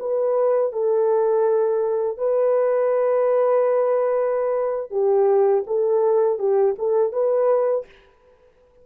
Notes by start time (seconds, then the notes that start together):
0.00 B4
0.73 A4
2.18 B4
4.91 G4
5.67 A4
6.39 G4
6.79 A4
7.13 B4